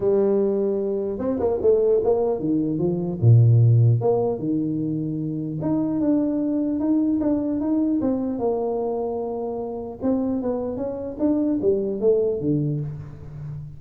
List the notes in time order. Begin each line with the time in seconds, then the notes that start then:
0.00 G3
1.18 C4
1.39 A#3
1.61 A3
2.03 A#3
2.39 D#3
2.78 F3
3.21 A#2
4.00 A#3
4.39 D#3
5.61 D#4
6.00 D4
6.79 D#4
7.20 D4
7.60 D#4
8.01 C4
8.39 A#3
10.01 C4
10.42 B3
10.76 C#4
11.19 D4
11.61 G3
12.00 A3
12.40 D3